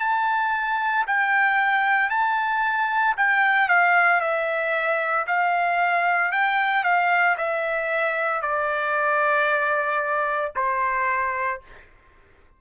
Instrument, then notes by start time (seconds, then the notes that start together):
trumpet
0.00 A5
1.07 G5
2.10 A5
3.17 G5
3.69 F5
4.21 E5
5.27 F5
6.32 G5
6.84 F5
7.37 E5
8.42 D5
10.56 C5